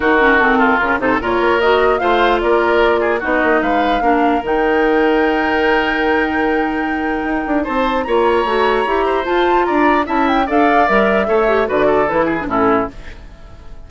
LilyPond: <<
  \new Staff \with { instrumentName = "flute" } { \time 4/4 \tempo 4 = 149 ais'4 a'4 ais'8 c''8 cis''4 | dis''4 f''4 d''2 | dis''4 f''2 g''4~ | g''1~ |
g''2. a''4 | ais''2. a''4 | ais''4 a''8 g''8 f''4 e''4~ | e''4 d''4 b'4 a'4 | }
  \new Staff \with { instrumentName = "oboe" } { \time 4/4 fis'4. f'4 a'8 ais'4~ | ais'4 c''4 ais'4. gis'8 | fis'4 b'4 ais'2~ | ais'1~ |
ais'2. c''4 | cis''2~ cis''8 c''4. | d''4 e''4 d''2 | cis''4 b'8 a'4 gis'8 e'4 | }
  \new Staff \with { instrumentName = "clarinet" } { \time 4/4 dis'8 cis'8 c'4 cis'8 dis'8 f'4 | fis'4 f'2. | dis'2 d'4 dis'4~ | dis'1~ |
dis'1 | f'4 fis'4 g'4 f'4~ | f'4 e'4 a'4 ais'4 | a'8 g'8 fis'4 e'8. d'16 cis'4 | }
  \new Staff \with { instrumentName = "bassoon" } { \time 4/4 dis2 cis8 c8 ais,8 ais8~ | ais4 a4 ais2 | b8 ais8 gis4 ais4 dis4~ | dis1~ |
dis2 dis'8 d'8 c'4 | ais4 a4 e'4 f'4 | d'4 cis'4 d'4 g4 | a4 d4 e4 a,4 | }
>>